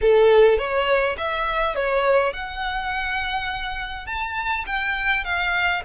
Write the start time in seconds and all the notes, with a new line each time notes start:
0.01 A4
0.58 C#5
1.17 E5
1.75 C#5
2.33 F#5
4.06 A5
4.66 G5
5.24 F5